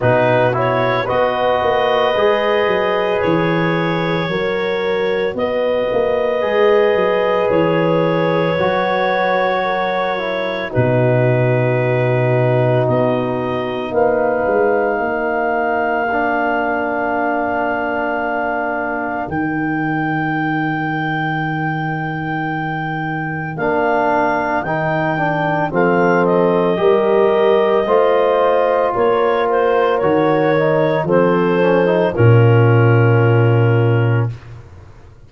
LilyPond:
<<
  \new Staff \with { instrumentName = "clarinet" } { \time 4/4 \tempo 4 = 56 b'8 cis''8 dis''2 cis''4~ | cis''4 dis''2 cis''4~ | cis''2 b'2 | dis''4 f''2.~ |
f''2 g''2~ | g''2 f''4 g''4 | f''8 dis''2~ dis''8 cis''8 c''8 | cis''4 c''4 ais'2 | }
  \new Staff \with { instrumentName = "horn" } { \time 4/4 fis'4 b'2. | ais'4 b'2.~ | b'4 ais'4 fis'2~ | fis'4 b'4 ais'2~ |
ais'1~ | ais'1 | a'4 ais'4 c''4 ais'4~ | ais'4 a'4 f'2 | }
  \new Staff \with { instrumentName = "trombone" } { \time 4/4 dis'8 e'8 fis'4 gis'2 | fis'2 gis'2 | fis'4. e'8 dis'2~ | dis'2. d'4~ |
d'2 dis'2~ | dis'2 d'4 dis'8 d'8 | c'4 g'4 f'2 | fis'8 dis'8 c'8 cis'16 dis'16 cis'2 | }
  \new Staff \with { instrumentName = "tuba" } { \time 4/4 b,4 b8 ais8 gis8 fis8 e4 | fis4 b8 ais8 gis8 fis8 e4 | fis2 b,2 | b4 ais8 gis8 ais2~ |
ais2 dis2~ | dis2 ais4 dis4 | f4 g4 a4 ais4 | dis4 f4 ais,2 | }
>>